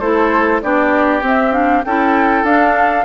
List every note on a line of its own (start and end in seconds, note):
0.00 0.62 A3
0.00 0.62 E4
0.00 0.61 A4
0.00 0.61 C5
0.62 1.22 B3
0.62 1.22 D4
0.62 1.86 G4
0.62 1.23 D5
1.22 1.52 C4
1.22 1.83 C4
1.22 1.53 E5
1.52 1.83 D4
1.52 1.84 F5
1.84 2.43 C#4
1.84 2.47 E4
1.84 3.05 A4
1.84 2.45 G5
2.43 3.04 D4
2.43 3.05 D4
2.43 3.05 F5